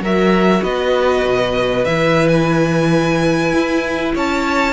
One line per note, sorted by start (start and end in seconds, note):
0.00 0.61 F#3
0.00 1.86 F#4
0.00 0.63 A#4
0.00 0.64 E5
0.63 1.24 B3
0.63 4.15 B4
0.63 1.85 D#5
1.24 1.86 B2
1.85 3.53 E3
1.85 4.73 E4
1.85 2.28 E5
2.28 4.12 G#5
3.53 4.14 E4
4.15 4.73 C#4
4.15 4.73 C#5
4.15 4.73 A5